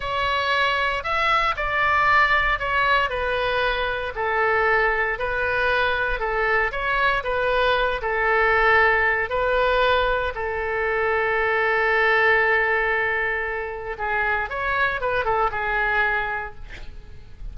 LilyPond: \new Staff \with { instrumentName = "oboe" } { \time 4/4 \tempo 4 = 116 cis''2 e''4 d''4~ | d''4 cis''4 b'2 | a'2 b'2 | a'4 cis''4 b'4. a'8~ |
a'2 b'2 | a'1~ | a'2. gis'4 | cis''4 b'8 a'8 gis'2 | }